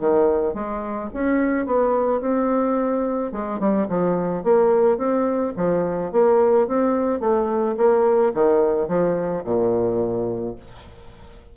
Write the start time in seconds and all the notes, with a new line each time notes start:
0.00 D#3
0.54 G#3
1.14 C#4
1.66 B3
2.21 C4
3.32 G#3
3.60 G3
3.89 F3
4.44 A#3
4.98 C4
5.57 F3
6.12 A#3
6.68 C4
7.20 A3
7.77 A#3
8.34 D#3
8.88 F3
9.45 A#2